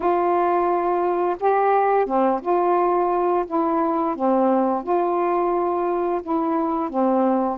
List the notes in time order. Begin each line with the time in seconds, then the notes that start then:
0.00 F4
1.39 G4
2.06 C4
2.41 F4
3.47 E4
4.15 C4
4.83 F4
6.22 E4
6.89 C4